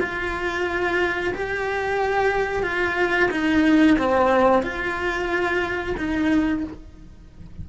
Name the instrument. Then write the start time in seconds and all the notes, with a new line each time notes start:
cello
0.00 F4
1.35 G4
2.63 F4
3.31 D#4
3.98 C4
4.63 F4
5.97 D#4